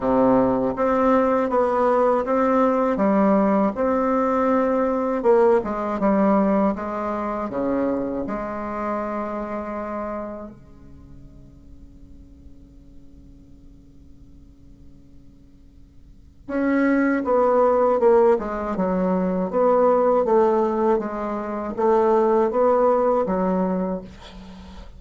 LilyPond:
\new Staff \with { instrumentName = "bassoon" } { \time 4/4 \tempo 4 = 80 c4 c'4 b4 c'4 | g4 c'2 ais8 gis8 | g4 gis4 cis4 gis4~ | gis2 cis2~ |
cis1~ | cis2 cis'4 b4 | ais8 gis8 fis4 b4 a4 | gis4 a4 b4 fis4 | }